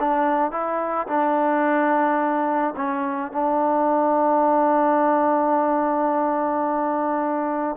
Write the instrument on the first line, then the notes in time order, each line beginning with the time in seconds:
trombone
0.00 D4
0.52 E4
1.08 D4
2.76 C#4
3.32 D4